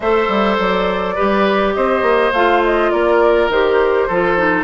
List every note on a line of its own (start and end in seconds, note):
0.00 0.28 A3
0.00 1.16 A4
0.00 1.15 C5
0.00 0.57 E5
0.28 0.57 G3
0.58 1.16 F#3
0.58 1.73 D5
1.15 1.76 G3
1.15 2.33 G4
1.15 1.73 B4
1.73 2.02 C4
1.73 2.92 C5
1.73 2.31 D#5
2.02 2.31 A#3
2.32 2.91 A3
2.32 3.51 F4
2.32 2.62 F5
2.65 2.91 D#5
2.91 3.48 A#3
2.91 4.07 A#4
2.91 3.49 D5
3.48 4.07 D#3
3.48 4.10 G4
3.48 4.63 C5
4.07 4.63 F3
4.07 4.37 F4
4.07 4.63 A4
4.37 4.63 D#4